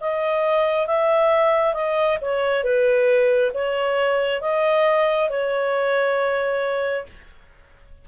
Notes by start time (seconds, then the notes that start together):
0.00 D#5
0.87 E5
1.74 D#5
2.21 C#5
2.63 B4
3.54 C#5
4.41 D#5
5.29 C#5